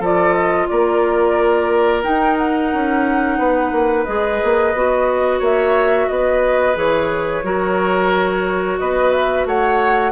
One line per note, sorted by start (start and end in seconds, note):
0.00 0.68 F3
0.00 2.04 F4
0.00 0.67 A4
0.00 0.34 D5
0.34 0.67 D#5
0.69 2.07 A#3
0.69 3.39 A#4
0.69 2.03 D5
2.04 4.06 D#4
2.04 2.74 D#4
2.04 2.38 G5
2.38 4.05 F#5
2.74 3.39 C#4
3.39 3.72 B3
3.39 5.39 B4
3.72 4.06 A#3
4.05 4.42 G#3
4.05 4.74 G#4
4.05 5.39 D#5
4.44 4.74 A#3
4.74 5.41 B3
4.74 6.75 F#4
5.39 6.08 A#3
5.39 6.07 C#5
5.39 6.09 E5
6.09 6.77 B3
6.09 7.45 B4
6.09 6.76 D#5
6.75 7.44 E3
6.75 7.42 G#4
6.75 8.79 C#5
7.44 8.79 F#3
7.44 10.12 F#4
7.44 8.80 A#4
8.79 9.46 B3
8.79 9.48 B4
8.79 9.12 D#5
9.12 9.46 E5
9.46 10.12 A3
9.46 10.12 C#5
9.46 10.12 F#5